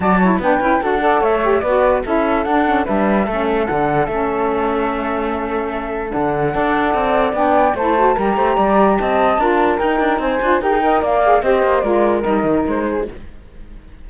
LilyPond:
<<
  \new Staff \with { instrumentName = "flute" } { \time 4/4 \tempo 4 = 147 a''4 g''4 fis''4 e''4 | d''4 e''4 fis''4 e''4~ | e''4 fis''4 e''2~ | e''2. fis''4~ |
fis''2 g''4 a''4 | ais''2 a''2 | g''4 gis''4 g''4 f''4 | dis''4 d''4 dis''4 c''4 | }
  \new Staff \with { instrumentName = "flute" } { \time 4/4 d''8 cis''8 b'4 a'8 d''8 cis''4 | b'4 a'2 b'4 | a'1~ | a'1 |
d''2. c''4 | ais'8 c''8 d''4 dis''4 ais'4~ | ais'4 c''4 ais'8 dis''8 d''4 | c''4 ais'2~ ais'8 gis'8 | }
  \new Staff \with { instrumentName = "saxophone" } { \time 4/4 fis'8 e'8 d'8 e'8 fis'8 a'4 g'8 | fis'4 e'4 d'8 cis'8 d'4 | cis'4 d'4 cis'2~ | cis'2. d'4 |
a'2 d'4 e'8 fis'8 | g'2. f'4 | dis'4. f'8 g'16 gis'16 ais'4 gis'8 | g'4 f'4 dis'2 | }
  \new Staff \with { instrumentName = "cello" } { \time 4/4 fis4 b8 cis'8 d'4 a4 | b4 cis'4 d'4 g4 | a4 d4 a2~ | a2. d4 |
d'4 c'4 b4 a4 | g8 a8 g4 c'4 d'4 | dis'8 d'8 c'8 d'8 dis'4 ais4 | c'8 ais8 gis4 g8 dis8 gis4 | }
>>